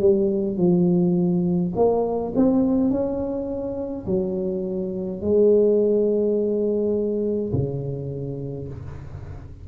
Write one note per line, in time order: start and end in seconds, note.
0.00 0.58 G3
0.58 1.73 F3
1.76 2.33 A#3
2.35 2.91 C4
2.91 4.06 C#4
4.06 5.21 F#3
5.21 7.52 G#3
7.53 8.69 C#3